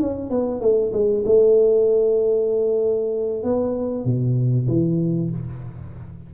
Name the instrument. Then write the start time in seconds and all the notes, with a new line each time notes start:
tuba
0.00 C#4
0.30 B3
0.61 A3
0.93 G#3
1.26 A3
3.43 B3
4.05 B2
4.68 E3